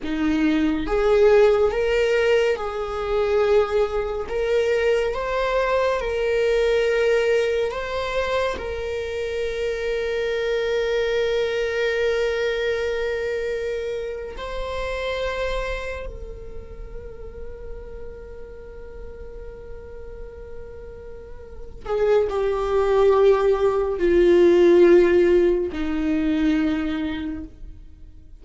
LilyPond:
\new Staff \with { instrumentName = "viola" } { \time 4/4 \tempo 4 = 70 dis'4 gis'4 ais'4 gis'4~ | gis'4 ais'4 c''4 ais'4~ | ais'4 c''4 ais'2~ | ais'1~ |
ais'8. c''2 ais'4~ ais'16~ | ais'1~ | ais'4. gis'8 g'2 | f'2 dis'2 | }